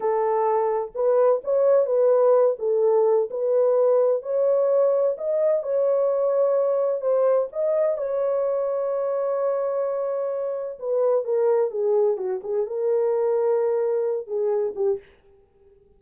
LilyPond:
\new Staff \with { instrumentName = "horn" } { \time 4/4 \tempo 4 = 128 a'2 b'4 cis''4 | b'4. a'4. b'4~ | b'4 cis''2 dis''4 | cis''2. c''4 |
dis''4 cis''2.~ | cis''2. b'4 | ais'4 gis'4 fis'8 gis'8 ais'4~ | ais'2~ ais'8 gis'4 g'8 | }